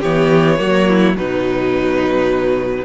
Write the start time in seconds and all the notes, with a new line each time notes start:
0.00 E3 B3 G4 C#5
0.58 F#3 A#3 F#4
0.89 E4
1.15 B2 F#3 D#4 B4